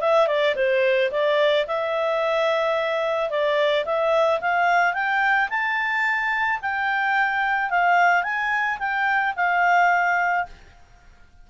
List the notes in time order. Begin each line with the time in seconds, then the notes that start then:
0.00 E5
0.27 D5
0.55 C5
1.11 D5
1.67 E5
3.30 D5
3.85 E5
4.40 F5
4.93 G5
5.49 A5
6.62 G5
7.70 F5
8.23 G#5
8.79 G5
9.36 F5